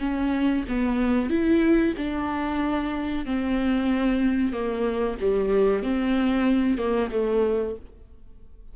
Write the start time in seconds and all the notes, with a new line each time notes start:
0.00 C#4
0.69 B3
1.30 E4
1.98 D4
3.26 C4
4.53 A#3
5.21 G3
5.83 C4
6.78 A#3
7.11 A3